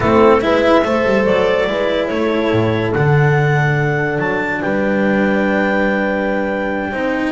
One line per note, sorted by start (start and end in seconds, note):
0.00 0.42 A3
0.00 0.40 C4
0.00 0.41 E4
0.00 0.40 A4
0.40 0.84 G#3
0.40 0.82 E4
0.40 0.85 B4
0.40 1.24 E5
0.84 1.05 A3
0.84 1.67 A4
0.84 1.69 C5
1.05 1.26 G3
1.25 1.67 F#3
1.25 2.07 D5
1.67 2.09 G#3
1.67 2.93 E4
1.67 2.10 B4
2.07 2.51 A3
2.07 4.62 A4
2.07 2.91 C#5
2.51 2.93 A2
2.93 4.18 D3
2.93 6.92 D4
2.93 4.19 F#5
4.18 4.60 F#3
4.18 4.61 A5
4.61 6.92 G3
4.61 6.91 B4
4.61 7.31 G5
6.91 7.31 C4
6.91 7.31 D#4
6.91 7.31 C5